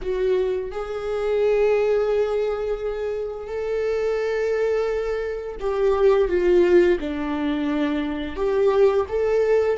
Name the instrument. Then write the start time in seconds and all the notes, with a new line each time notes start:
viola
0.01 F#4
0.71 G#4
3.47 A4
5.59 G4
6.28 F4
7.00 D4
8.36 G4
9.08 A4